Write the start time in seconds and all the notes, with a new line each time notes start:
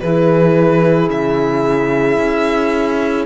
0.00 E3 E4 G#4 B4
1.09 C#3 E5
2.18 C#4